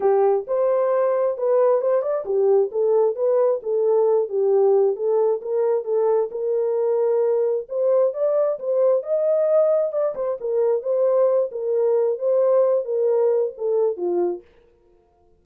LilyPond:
\new Staff \with { instrumentName = "horn" } { \time 4/4 \tempo 4 = 133 g'4 c''2 b'4 | c''8 d''8 g'4 a'4 b'4 | a'4. g'4. a'4 | ais'4 a'4 ais'2~ |
ais'4 c''4 d''4 c''4 | dis''2 d''8 c''8 ais'4 | c''4. ais'4. c''4~ | c''8 ais'4. a'4 f'4 | }